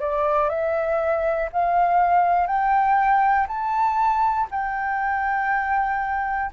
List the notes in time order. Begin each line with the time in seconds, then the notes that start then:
0.00 D5
0.50 E5
1.52 F5
2.47 G5
3.48 A5
4.50 G5